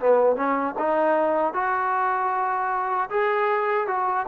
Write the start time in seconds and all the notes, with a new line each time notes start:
0.00 B3
0.36 C#4
0.79 D#4
1.54 F#4
3.10 G#4
3.88 F#4